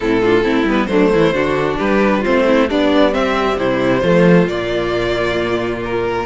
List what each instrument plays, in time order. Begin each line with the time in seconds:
0.00 cello A2, viola C4, violin E4 A4
0.21 viola D4, violin F4
0.43 cello A3, viola C4, violin E4
0.64 cello G3, viola B3, violin B4
0.86 cello F#3, viola A3, violin D4 C5
1.12 cello E3, violin E4
1.32 cello D3, viola D4, violin F#4
1.78 cello G3, violin G4 B4
2.20 viola C4, violin F4 C5
2.27 cello A3
2.46 violin E4
2.68 viola G3, cello B3, violin D4 D5
3.12 violin C4 E5, cello C4
3.57 cello C3, violin E4 C5
4.02 cello F3, viola A3, violin F4
4.45 cello A#2, viola A#3, violin D5
5.84 violin A#4